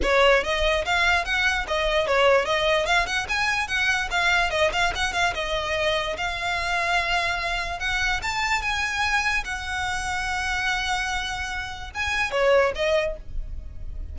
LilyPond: \new Staff \with { instrumentName = "violin" } { \time 4/4 \tempo 4 = 146 cis''4 dis''4 f''4 fis''4 | dis''4 cis''4 dis''4 f''8 fis''8 | gis''4 fis''4 f''4 dis''8 f''8 | fis''8 f''8 dis''2 f''4~ |
f''2. fis''4 | a''4 gis''2 fis''4~ | fis''1~ | fis''4 gis''4 cis''4 dis''4 | }